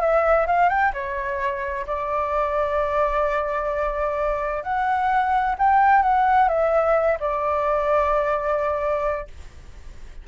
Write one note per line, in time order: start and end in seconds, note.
0.00 0.46 E5
0.46 0.69 F5
0.69 0.92 G5
0.93 1.85 C#5
1.86 4.63 D5
4.63 5.55 F#5
5.58 6.02 G5
6.02 6.48 F#5
6.48 7.17 E5
7.20 9.27 D5